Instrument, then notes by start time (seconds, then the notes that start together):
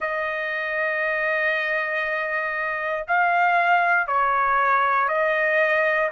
trumpet
0.00 D#5
3.07 F5
4.07 C#5
5.08 D#5